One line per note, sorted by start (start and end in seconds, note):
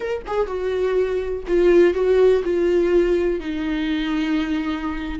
0.00 0.22 A#4
0.27 0.47 G#4
0.47 1.43 F#4
1.47 1.94 F4
1.94 2.42 F#4
2.44 3.40 F4
3.40 5.19 D#4